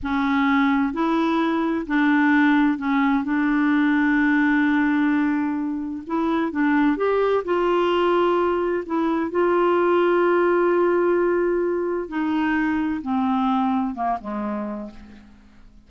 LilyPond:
\new Staff \with { instrumentName = "clarinet" } { \time 4/4 \tempo 4 = 129 cis'2 e'2 | d'2 cis'4 d'4~ | d'1~ | d'4 e'4 d'4 g'4 |
f'2. e'4 | f'1~ | f'2 dis'2 | c'2 ais8 gis4. | }